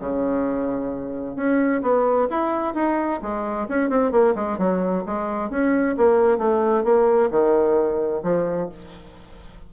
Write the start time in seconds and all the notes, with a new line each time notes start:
0.00 C#3
1.36 C#4
1.83 B3
2.30 E4
2.75 D#4
3.22 G#3
3.69 C#4
3.90 C4
4.12 A#3
4.35 G#3
4.58 F#3
5.06 G#3
5.50 C#4
5.98 A#3
6.39 A3
6.85 A#3
7.31 D#3
8.23 F3